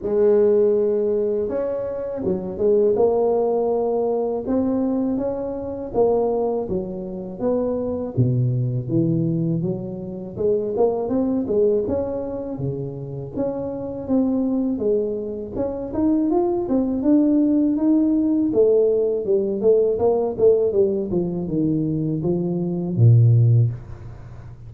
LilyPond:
\new Staff \with { instrumentName = "tuba" } { \time 4/4 \tempo 4 = 81 gis2 cis'4 fis8 gis8 | ais2 c'4 cis'4 | ais4 fis4 b4 b,4 | e4 fis4 gis8 ais8 c'8 gis8 |
cis'4 cis4 cis'4 c'4 | gis4 cis'8 dis'8 f'8 c'8 d'4 | dis'4 a4 g8 a8 ais8 a8 | g8 f8 dis4 f4 ais,4 | }